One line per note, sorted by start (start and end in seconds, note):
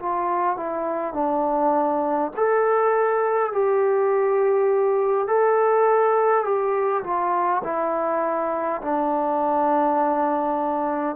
0.00 0.57 F4
0.57 1.14 E4
1.14 2.32 D4
2.37 3.53 A4
3.53 5.28 G4
5.28 6.45 A4
6.45 7.04 G4
7.04 7.63 F4
7.64 8.82 E4
8.82 11.17 D4